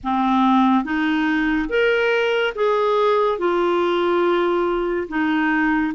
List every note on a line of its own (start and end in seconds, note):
0.03 0.84 C4
0.84 1.68 D#4
1.69 2.53 A#4
2.55 3.38 G#4
3.38 5.07 F4
5.08 5.93 D#4